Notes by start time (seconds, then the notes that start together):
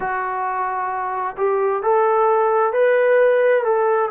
0.00 F#4
1.37 G4
1.82 A4
2.73 B4
3.64 A4